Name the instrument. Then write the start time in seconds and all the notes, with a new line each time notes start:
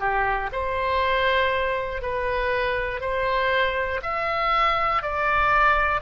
oboe
0.00 G4
0.52 C5
2.02 B4
3.01 C5
4.03 E5
5.02 D5